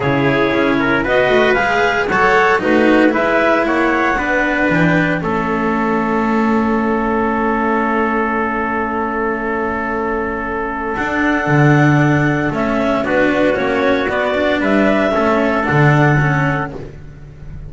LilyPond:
<<
  \new Staff \with { instrumentName = "clarinet" } { \time 4/4 \tempo 4 = 115 cis''2 dis''4 f''4 | fis''4 b'4 e''4 fis''4~ | fis''4 g''4 e''2~ | e''1~ |
e''1~ | e''4 fis''2. | e''4 b'4 cis''4 d''4 | e''2 fis''2 | }
  \new Staff \with { instrumentName = "trumpet" } { \time 4/4 gis'4. ais'8 b'2 | cis''4 fis'4 b'4 cis''4 | b'2 a'2~ | a'1~ |
a'1~ | a'1~ | a'4 fis'2. | b'4 a'2. | }
  \new Staff \with { instrumentName = "cello" } { \time 4/4 e'2 fis'4 gis'4 | a'4 dis'4 e'2 | d'2 cis'2~ | cis'1~ |
cis'1~ | cis'4 d'2. | cis'4 d'4 cis'4 b8 d'8~ | d'4 cis'4 d'4 cis'4 | }
  \new Staff \with { instrumentName = "double bass" } { \time 4/4 cis4 cis'4 b8 a8 gis4 | fis4 a4 gis4 ais4 | b4 e4 a2~ | a1~ |
a1~ | a4 d'4 d2 | a4 b4 ais4 b4 | g4 a4 d2 | }
>>